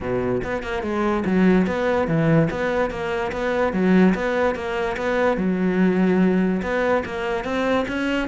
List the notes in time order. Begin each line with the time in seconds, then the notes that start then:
0.00 B2
0.43 B3
0.62 A#3
0.82 G#3
1.25 F#3
1.66 B3
2.07 E3
2.50 B3
2.90 A#3
3.32 B3
3.72 F#3
4.14 B3
4.55 A#3
4.97 B3
5.37 F#3
6.62 B3
7.05 A#3
7.44 C4
7.88 C#4